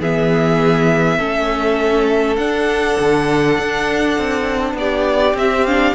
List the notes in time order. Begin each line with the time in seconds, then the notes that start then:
0.00 E3 B3 G#4 E5
1.19 A3 C#4 A4
2.37 D4 F#5
3.00 D3
3.59 D4
4.18 C4
4.74 B3 G4 D5
5.34 C4 E5
5.67 D4 F5